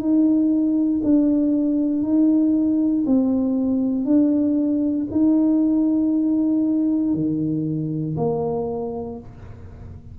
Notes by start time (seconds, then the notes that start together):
0.00 D#4
1.04 D4
2.03 D#4
3.07 C4
4.05 D4
5.12 D#4
7.15 D#3
8.18 A#3